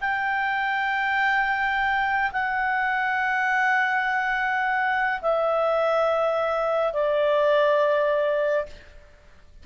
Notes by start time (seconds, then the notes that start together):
0.00 G5
2.32 F#5
5.21 E5
6.92 D5